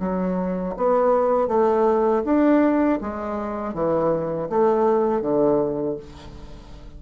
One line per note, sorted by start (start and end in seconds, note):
0.00 0.75 F#3
0.77 1.48 B3
1.48 2.23 A3
2.25 3.00 D4
3.01 3.74 G#3
3.74 4.49 E3
4.50 5.22 A3
5.22 5.97 D3